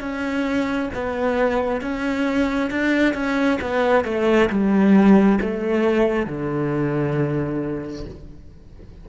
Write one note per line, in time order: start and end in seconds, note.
0.00 0.90 C#4
0.94 1.82 B3
1.82 2.71 C#4
2.71 3.14 D4
3.14 3.59 C#4
3.61 4.05 B3
4.05 4.49 A3
4.50 5.40 G3
5.41 6.27 A3
6.27 8.06 D3